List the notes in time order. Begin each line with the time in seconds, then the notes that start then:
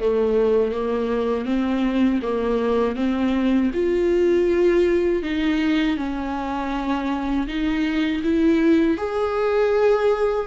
0.00 A3
0.72 A#3
1.46 C4
2.23 A#3
2.96 C4
3.74 F4
5.23 D#4
5.97 C#4
7.48 D#4
8.24 E4
8.98 G#4